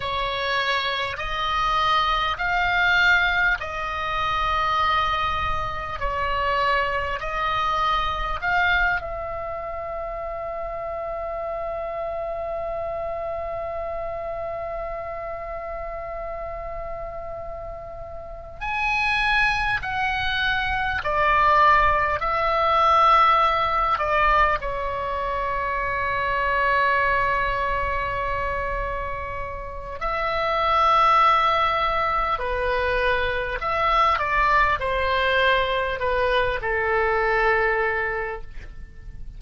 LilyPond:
\new Staff \with { instrumentName = "oboe" } { \time 4/4 \tempo 4 = 50 cis''4 dis''4 f''4 dis''4~ | dis''4 cis''4 dis''4 f''8 e''8~ | e''1~ | e''2.~ e''8 gis''8~ |
gis''8 fis''4 d''4 e''4. | d''8 cis''2.~ cis''8~ | cis''4 e''2 b'4 | e''8 d''8 c''4 b'8 a'4. | }